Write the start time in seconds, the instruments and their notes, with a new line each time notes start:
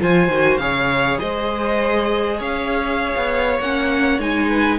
0.00 cello F3, viola F4, violin C5 G#5
0.28 cello D#3, viola F#4
0.58 cello C#3, viola G#4, violin C#5 F5
1.20 cello G#3, violin C5 D#5
2.39 cello C#4, violin C#5 F5
3.16 cello B3
3.59 cello A#3, viola C#4, violin F#5
4.19 cello G#3, viola D#4, violin G#5
4.48 violin B4